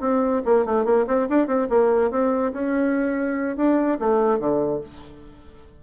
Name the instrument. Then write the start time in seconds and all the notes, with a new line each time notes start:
bassoon
0.00 C4
0.45 A#3
0.65 A3
0.85 A#3
1.07 C4
1.29 D4
1.46 C4
1.69 A#3
2.10 C4
2.52 C#4
3.56 D4
3.99 A3
4.38 D3